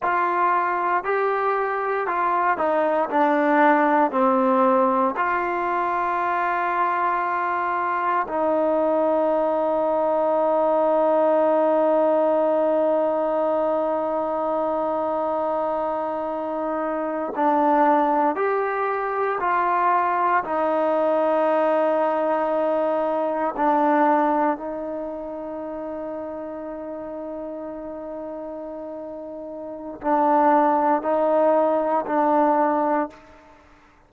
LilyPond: \new Staff \with { instrumentName = "trombone" } { \time 4/4 \tempo 4 = 58 f'4 g'4 f'8 dis'8 d'4 | c'4 f'2. | dis'1~ | dis'1~ |
dis'8. d'4 g'4 f'4 dis'16~ | dis'2~ dis'8. d'4 dis'16~ | dis'1~ | dis'4 d'4 dis'4 d'4 | }